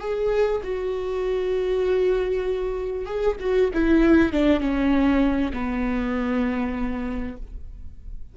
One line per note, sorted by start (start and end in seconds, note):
0.00 0.61 G#4
0.63 3.06 F#4
3.06 3.36 G#4
3.40 3.71 F#4
3.74 4.33 E4
4.33 4.60 D4
4.60 5.52 C#4
5.53 7.37 B3